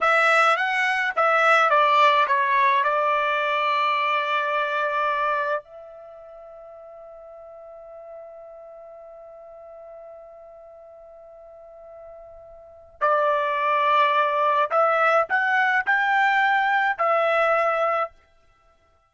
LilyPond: \new Staff \with { instrumentName = "trumpet" } { \time 4/4 \tempo 4 = 106 e''4 fis''4 e''4 d''4 | cis''4 d''2.~ | d''2 e''2~ | e''1~ |
e''1~ | e''2. d''4~ | d''2 e''4 fis''4 | g''2 e''2 | }